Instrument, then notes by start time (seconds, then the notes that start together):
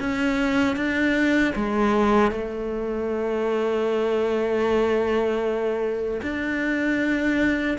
cello
0.00 C#4
0.76 D4
1.55 G#3
2.32 A3
6.22 D4